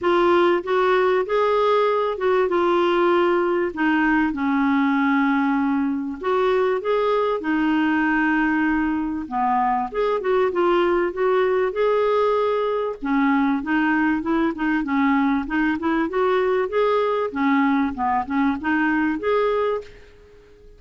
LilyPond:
\new Staff \with { instrumentName = "clarinet" } { \time 4/4 \tempo 4 = 97 f'4 fis'4 gis'4. fis'8 | f'2 dis'4 cis'4~ | cis'2 fis'4 gis'4 | dis'2. b4 |
gis'8 fis'8 f'4 fis'4 gis'4~ | gis'4 cis'4 dis'4 e'8 dis'8 | cis'4 dis'8 e'8 fis'4 gis'4 | cis'4 b8 cis'8 dis'4 gis'4 | }